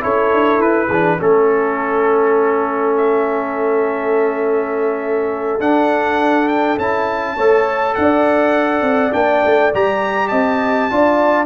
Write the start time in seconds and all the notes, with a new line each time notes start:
0.00 C#4 E4 A4 C#5
0.33 D4
0.59 E4 B4
0.88 E3 D4 G#4
1.19 A3 C#4 A4
2.97 E5
5.60 D4 F#5
6.48 G5
6.78 C#4 E4 A5
7.35 A3 A4 C#5
7.95 D4 D5 F#5
8.82 C4
9.12 A#3 D4 G5
9.44 A3
9.74 G3 G4 A#5
10.28 C4 D#5 A5
10.90 D4 F4 D5